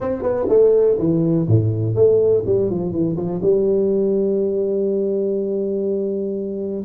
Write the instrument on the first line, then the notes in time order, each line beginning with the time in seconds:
tuba
0.00 C4
0.22 B3
0.49 A3
0.98 E3
1.47 A2
1.95 A3
2.46 G3
2.70 F3
2.91 E3
3.16 F3
3.42 G3